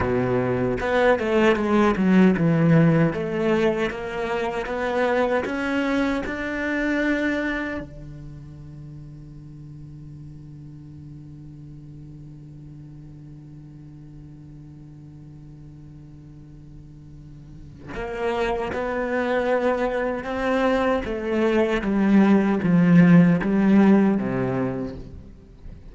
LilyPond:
\new Staff \with { instrumentName = "cello" } { \time 4/4 \tempo 4 = 77 b,4 b8 a8 gis8 fis8 e4 | a4 ais4 b4 cis'4 | d'2 d2~ | d1~ |
d1~ | d2. ais4 | b2 c'4 a4 | g4 f4 g4 c4 | }